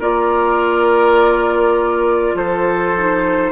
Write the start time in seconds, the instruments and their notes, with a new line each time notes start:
0.00 bassoon A#3, clarinet F4, oboe A#4, flute D5
2.34 bassoon F3, oboe A4, flute C5
2.97 clarinet D#4